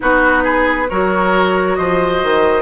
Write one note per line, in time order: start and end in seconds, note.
0.00 0.90 B3
0.00 0.86 D#4
0.00 0.43 F#4
0.00 0.89 B4
0.43 0.87 G#4
0.89 1.78 F#3
0.89 2.61 F#4
0.89 1.77 A#4
0.89 1.75 C#5
1.75 2.22 F3
1.75 2.61 C5
1.75 2.61 D#5
2.23 2.61 D#3